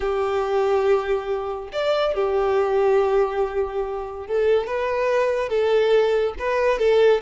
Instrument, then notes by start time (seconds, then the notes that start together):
violin
0.00 G4
1.72 D5
2.14 G4
4.27 A4
4.66 B4
5.49 A4
6.38 B4
6.78 A4